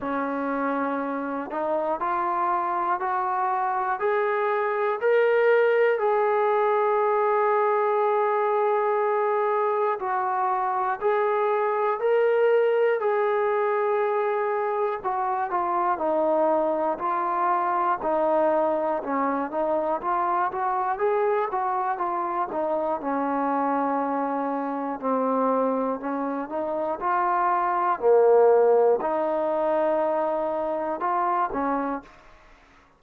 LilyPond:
\new Staff \with { instrumentName = "trombone" } { \time 4/4 \tempo 4 = 60 cis'4. dis'8 f'4 fis'4 | gis'4 ais'4 gis'2~ | gis'2 fis'4 gis'4 | ais'4 gis'2 fis'8 f'8 |
dis'4 f'4 dis'4 cis'8 dis'8 | f'8 fis'8 gis'8 fis'8 f'8 dis'8 cis'4~ | cis'4 c'4 cis'8 dis'8 f'4 | ais4 dis'2 f'8 cis'8 | }